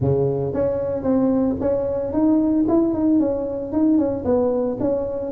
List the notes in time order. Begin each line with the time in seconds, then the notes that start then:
0.00 C#3
0.53 C#4
1.03 C4
1.60 C#4
2.12 D#4
2.68 E4
2.93 D#4
3.19 C#4
3.72 D#4
3.98 C#4
4.24 B3
4.80 C#4